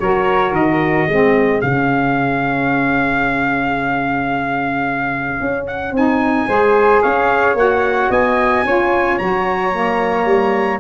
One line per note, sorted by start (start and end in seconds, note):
0.00 0.52 F#3
0.00 1.10 F#4
0.00 1.08 A#4
0.00 0.54 C#5
0.52 1.06 D#3
0.52 1.61 D#5
1.08 1.62 G#3
1.08 1.63 C4
1.08 6.48 G#4
1.61 5.40 C#3
1.61 5.95 C#4
1.61 5.67 F5
5.40 5.92 C#4
5.67 5.94 F#5
5.92 6.46 C4
5.92 6.48 D#4
5.92 7.02 G#5
6.48 7.02 G#3
6.48 7.56 G#4
6.48 7.02 C5
7.02 7.55 C#4
7.02 8.10 C#5
7.02 7.57 F5
7.55 8.09 A#3
7.55 8.65 F#4
7.55 8.12 F#5
8.10 8.64 B3
8.10 8.65 D#5
8.10 9.18 G#5
8.65 9.19 C#4
8.65 9.20 F4
8.65 10.80 C#5
9.18 10.25 F#3
9.18 9.72 F#4
9.18 10.80 A#5
9.72 10.80 A#3
10.25 10.79 G3